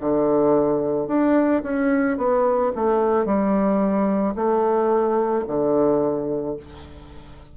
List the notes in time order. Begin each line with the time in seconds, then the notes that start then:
0.00 D3
1.07 D4
1.63 C#4
2.17 B3
2.75 A3
3.25 G3
4.35 A3
5.47 D3